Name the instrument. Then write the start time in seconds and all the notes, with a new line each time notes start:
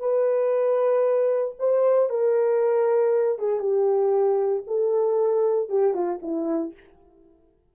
horn
0.00 B4
1.59 C5
2.10 A#4
3.39 G#4
3.60 G4
4.67 A4
5.70 G4
5.94 F4
6.22 E4